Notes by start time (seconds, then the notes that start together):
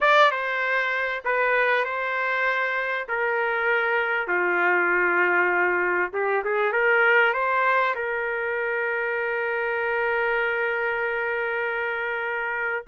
0.00 D5
0.31 C5
1.24 B4
1.84 C5
3.08 A#4
4.27 F4
6.13 G4
6.44 G#4
6.72 A#4
7.33 C5
7.95 A#4